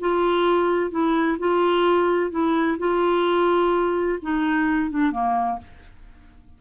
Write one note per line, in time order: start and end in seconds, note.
0.00 0.91 F4
0.91 1.37 E4
1.38 2.31 F4
2.31 2.78 E4
2.78 4.19 F4
4.22 4.90 D#4
4.90 5.11 D4
5.11 5.58 A#3